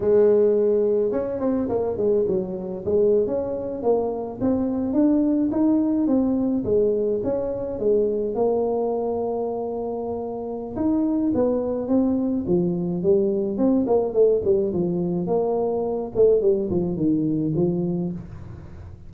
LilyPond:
\new Staff \with { instrumentName = "tuba" } { \time 4/4 \tempo 4 = 106 gis2 cis'8 c'8 ais8 gis8 | fis4 gis8. cis'4 ais4 c'16~ | c'8. d'4 dis'4 c'4 gis16~ | gis8. cis'4 gis4 ais4~ ais16~ |
ais2. dis'4 | b4 c'4 f4 g4 | c'8 ais8 a8 g8 f4 ais4~ | ais8 a8 g8 f8 dis4 f4 | }